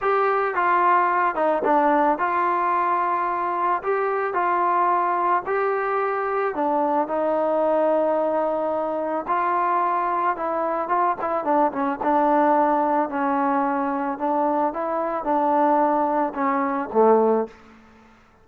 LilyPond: \new Staff \with { instrumentName = "trombone" } { \time 4/4 \tempo 4 = 110 g'4 f'4. dis'8 d'4 | f'2. g'4 | f'2 g'2 | d'4 dis'2.~ |
dis'4 f'2 e'4 | f'8 e'8 d'8 cis'8 d'2 | cis'2 d'4 e'4 | d'2 cis'4 a4 | }